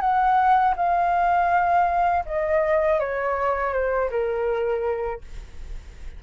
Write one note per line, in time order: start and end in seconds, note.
0.00 0.74 F#5
0.76 2.24 F5
2.25 2.99 D#5
3.00 3.73 C#5
3.73 4.10 C5
4.10 5.21 A#4